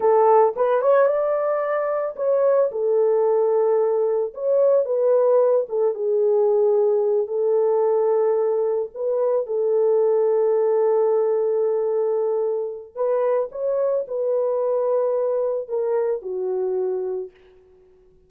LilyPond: \new Staff \with { instrumentName = "horn" } { \time 4/4 \tempo 4 = 111 a'4 b'8 cis''8 d''2 | cis''4 a'2. | cis''4 b'4. a'8 gis'4~ | gis'4. a'2~ a'8~ |
a'8 b'4 a'2~ a'8~ | a'1 | b'4 cis''4 b'2~ | b'4 ais'4 fis'2 | }